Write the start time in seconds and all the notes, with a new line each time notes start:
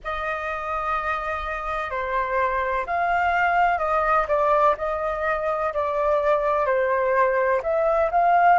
0.03 D#5
1.90 C5
2.86 F5
3.78 D#5
4.28 D5
4.77 D#5
5.73 D5
6.65 C5
7.62 E5
8.11 F5